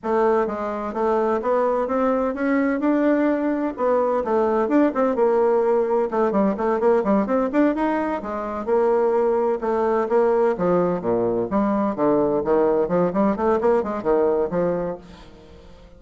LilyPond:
\new Staff \with { instrumentName = "bassoon" } { \time 4/4 \tempo 4 = 128 a4 gis4 a4 b4 | c'4 cis'4 d'2 | b4 a4 d'8 c'8 ais4~ | ais4 a8 g8 a8 ais8 g8 c'8 |
d'8 dis'4 gis4 ais4.~ | ais8 a4 ais4 f4 ais,8~ | ais,8 g4 d4 dis4 f8 | g8 a8 ais8 gis8 dis4 f4 | }